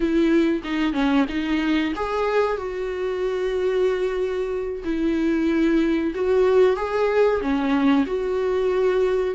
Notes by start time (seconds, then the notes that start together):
0.00 E4
0.64 D#4
0.93 C#4
1.28 D#4
1.95 G#4
2.57 F#4
4.84 E4
6.14 F#4
6.76 G#4
7.41 C#4
8.06 F#4